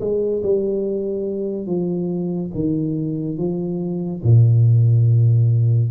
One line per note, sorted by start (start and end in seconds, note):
0.00 0.42 G#3
0.43 1.66 G3
1.66 2.51 F3
2.54 3.38 D#3
3.38 4.22 F3
4.23 5.91 A#2